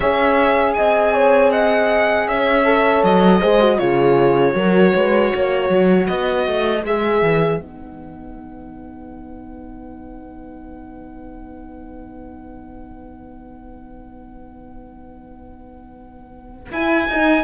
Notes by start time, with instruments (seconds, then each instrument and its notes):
0.00 cello C#4, horn G#4 C#5, violin E5
0.74 cello C4, horn D#5, violin G#5
1.13 horn C#5
1.51 horn D#5, violin F#5
2.27 cello C#4, horn C#5, violin E5
2.64 horn A4
3.03 cello F#3, violin D#5
3.40 cello G#3, horn G#4 C5
3.60 horn F#4
3.78 cello C#3, horn F4 G#4, violin C#5
4.53 cello F#3, horn F#4 A#4
4.95 cello G#3, horn B4
5.32 cello A#3, horn C#5
5.69 cello F#3
6.06 cello B3, horn B4, violin D#5
6.47 cello A3
6.84 cello G#3, horn G#4, violin E5
7.22 cello E3
7.58 cello B3, horn D#4, violin F#5
16.71 cello E4, horn E4, violin G#5
17.08 cello D#4, horn D#4